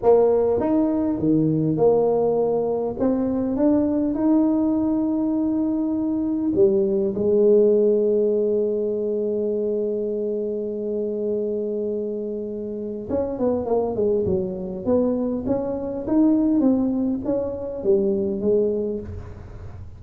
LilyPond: \new Staff \with { instrumentName = "tuba" } { \time 4/4 \tempo 4 = 101 ais4 dis'4 dis4 ais4~ | ais4 c'4 d'4 dis'4~ | dis'2. g4 | gis1~ |
gis1~ | gis2 cis'8 b8 ais8 gis8 | fis4 b4 cis'4 dis'4 | c'4 cis'4 g4 gis4 | }